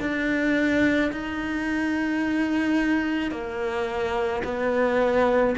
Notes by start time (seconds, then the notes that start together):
0.00 D4
1.12 D#4
3.31 A#3
4.44 B3